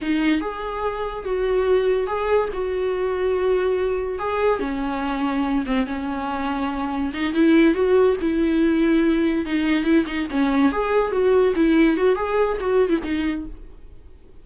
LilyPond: \new Staff \with { instrumentName = "viola" } { \time 4/4 \tempo 4 = 143 dis'4 gis'2 fis'4~ | fis'4 gis'4 fis'2~ | fis'2 gis'4 cis'4~ | cis'4. c'8 cis'2~ |
cis'4 dis'8 e'4 fis'4 e'8~ | e'2~ e'8 dis'4 e'8 | dis'8 cis'4 gis'4 fis'4 e'8~ | e'8 fis'8 gis'4 fis'8. e'16 dis'4 | }